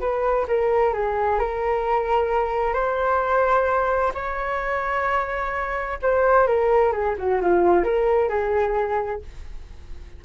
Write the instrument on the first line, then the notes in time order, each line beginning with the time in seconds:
flute
0.00 B4
0.48 A#4
0.93 G#4
1.39 A#4
2.74 C5
4.14 C#5
6.02 C5
6.47 A#4
6.92 G#4
7.18 F#4
7.42 F4
7.84 A#4
8.29 G#4